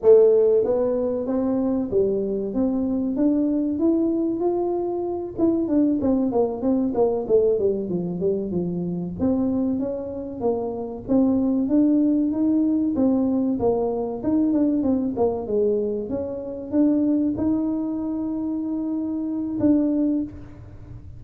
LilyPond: \new Staff \with { instrumentName = "tuba" } { \time 4/4 \tempo 4 = 95 a4 b4 c'4 g4 | c'4 d'4 e'4 f'4~ | f'8 e'8 d'8 c'8 ais8 c'8 ais8 a8 | g8 f8 g8 f4 c'4 cis'8~ |
cis'8 ais4 c'4 d'4 dis'8~ | dis'8 c'4 ais4 dis'8 d'8 c'8 | ais8 gis4 cis'4 d'4 dis'8~ | dis'2. d'4 | }